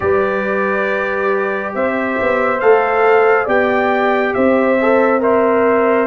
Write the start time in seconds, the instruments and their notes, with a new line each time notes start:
0.00 tuba G3, trombone G4, horn B4, trumpet D5
1.74 tuba C4, horn C5, trumpet E5
2.20 tuba B3
2.60 tuba A3, trombone A4, trumpet F5
3.44 tuba B3, trombone G4, horn D5, trumpet G5
4.34 tuba C4, horn C5, trumpet E5
4.81 trombone A4
5.20 trombone A#4, trumpet C5, horn E5